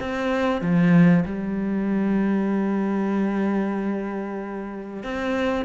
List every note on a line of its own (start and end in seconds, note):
0.00 0.61 C4
0.61 1.25 F3
1.25 5.03 G3
5.03 5.65 C4